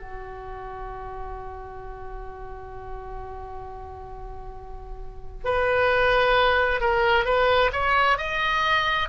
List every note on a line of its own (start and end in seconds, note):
0.00 5.45 F#4
5.45 6.81 B4
6.81 7.25 A#4
7.25 7.71 B4
7.73 8.18 C#5
8.18 9.09 D#5